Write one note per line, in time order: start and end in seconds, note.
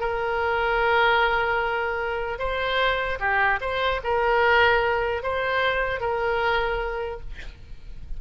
0.00 2.39 A#4
2.39 3.19 C5
3.19 3.59 G4
3.61 4.01 C5
4.03 5.23 A#4
5.23 6.00 C5
6.00 7.20 A#4